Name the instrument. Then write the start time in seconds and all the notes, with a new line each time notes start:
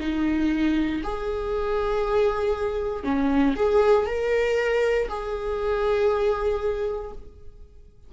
viola
0.00 D#4
1.04 G#4
3.04 C#4
3.56 G#4
4.07 A#4
5.08 G#4